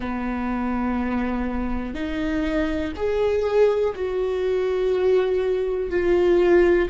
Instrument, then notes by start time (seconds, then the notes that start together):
viola
0.00 B3
1.94 D#4
2.96 G#4
3.95 F#4
5.90 F4